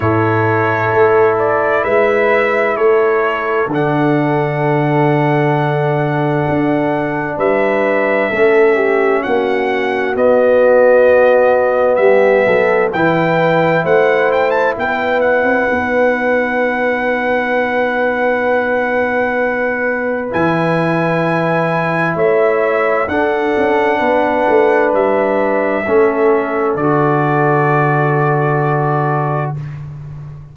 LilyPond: <<
  \new Staff \with { instrumentName = "trumpet" } { \time 4/4 \tempo 4 = 65 cis''4. d''8 e''4 cis''4 | fis''1 | e''2 fis''4 dis''4~ | dis''4 e''4 g''4 fis''8 g''16 a''16 |
g''8 fis''2.~ fis''8~ | fis''2 gis''2 | e''4 fis''2 e''4~ | e''4 d''2. | }
  \new Staff \with { instrumentName = "horn" } { \time 4/4 a'2 b'4 a'4~ | a'1 | b'4 a'8 g'8 fis'2~ | fis'4 g'8 a'8 b'4 c''4 |
b'1~ | b'1 | cis''4 a'4 b'2 | a'1 | }
  \new Staff \with { instrumentName = "trombone" } { \time 4/4 e'1 | d'1~ | d'4 cis'2 b4~ | b2 e'2~ |
e'4 dis'2.~ | dis'2 e'2~ | e'4 d'2. | cis'4 fis'2. | }
  \new Staff \with { instrumentName = "tuba" } { \time 4/4 a,4 a4 gis4 a4 | d2. d'4 | g4 a4 ais4 b4~ | b4 g8 fis8 e4 a4 |
b8. c'16 b2.~ | b2 e2 | a4 d'8 cis'8 b8 a8 g4 | a4 d2. | }
>>